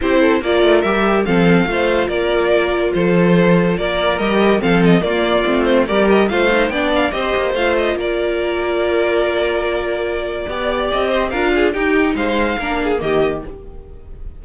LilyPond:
<<
  \new Staff \with { instrumentName = "violin" } { \time 4/4 \tempo 4 = 143 c''4 d''4 e''4 f''4~ | f''4 d''2 c''4~ | c''4 d''4 dis''4 f''8 dis''8 | d''4. c''8 d''8 dis''8 f''4 |
g''8 f''8 dis''4 f''8 dis''8 d''4~ | d''1~ | d''2 dis''4 f''4 | g''4 f''2 dis''4 | }
  \new Staff \with { instrumentName = "violin" } { \time 4/4 g'8 a'8 ais'2 a'4 | c''4 ais'2 a'4~ | a'4 ais'2 a'4 | f'2 ais'4 c''4 |
d''4 c''2 ais'4~ | ais'1~ | ais'4 d''4. c''8 ais'8 gis'8 | g'4 c''4 ais'8 gis'8 g'4 | }
  \new Staff \with { instrumentName = "viola" } { \time 4/4 e'4 f'4 g'4 c'4 | f'1~ | f'2 g'4 c'4 | ais4 c'4 g'4 f'8 dis'8 |
d'4 g'4 f'2~ | f'1~ | f'4 g'2 f'4 | dis'2 d'4 ais4 | }
  \new Staff \with { instrumentName = "cello" } { \time 4/4 c'4 ais8 a8 g4 f4 | a4 ais2 f4~ | f4 ais4 g4 f4 | ais4 a4 g4 a4 |
b4 c'8 ais8 a4 ais4~ | ais1~ | ais4 b4 c'4 d'4 | dis'4 gis4 ais4 dis4 | }
>>